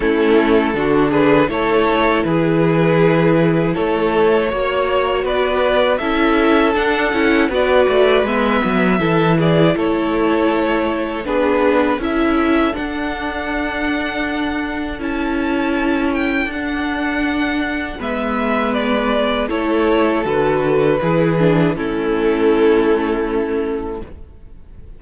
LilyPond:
<<
  \new Staff \with { instrumentName = "violin" } { \time 4/4 \tempo 4 = 80 a'4. b'8 cis''4 b'4~ | b'4 cis''2 d''4 | e''4 fis''4 d''4 e''4~ | e''8 d''8 cis''2 b'4 |
e''4 fis''2. | a''4. g''8 fis''2 | e''4 d''4 cis''4 b'4~ | b'4 a'2. | }
  \new Staff \with { instrumentName = "violin" } { \time 4/4 e'4 fis'8 gis'8 a'4 gis'4~ | gis'4 a'4 cis''4 b'4 | a'2 b'2 | a'8 gis'8 a'2 gis'4 |
a'1~ | a'1 | b'2 a'2 | gis'4 e'2. | }
  \new Staff \with { instrumentName = "viola" } { \time 4/4 cis'4 d'4 e'2~ | e'2 fis'2 | e'4 d'8 e'8 fis'4 b4 | e'2. d'4 |
e'4 d'2. | e'2 d'2 | b2 e'4 fis'4 | e'8 d'8 cis'2. | }
  \new Staff \with { instrumentName = "cello" } { \time 4/4 a4 d4 a4 e4~ | e4 a4 ais4 b4 | cis'4 d'8 cis'8 b8 a8 gis8 fis8 | e4 a2 b4 |
cis'4 d'2. | cis'2 d'2 | gis2 a4 d4 | e4 a2. | }
>>